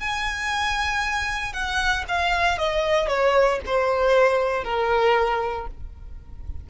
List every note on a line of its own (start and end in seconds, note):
0.00 1.54 G#5
1.54 2.05 F#5
2.09 2.59 F5
2.59 3.08 D#5
3.08 3.60 C#5
3.66 4.64 C5
4.64 5.68 A#4